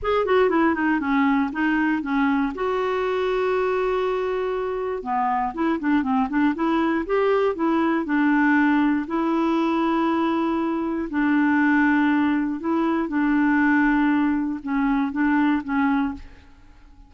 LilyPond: \new Staff \with { instrumentName = "clarinet" } { \time 4/4 \tempo 4 = 119 gis'8 fis'8 e'8 dis'8 cis'4 dis'4 | cis'4 fis'2.~ | fis'2 b4 e'8 d'8 | c'8 d'8 e'4 g'4 e'4 |
d'2 e'2~ | e'2 d'2~ | d'4 e'4 d'2~ | d'4 cis'4 d'4 cis'4 | }